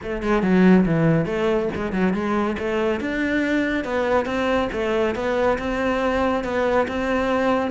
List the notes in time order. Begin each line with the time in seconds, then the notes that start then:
0.02 A3
0.23 G#3
0.42 F#3
0.85 E3
1.25 A3
1.75 G#3
1.92 F#3
2.13 G#3
2.59 A3
3.00 D4
3.84 B3
4.25 C4
4.72 A3
5.15 B3
5.58 C4
6.43 B3
6.87 C4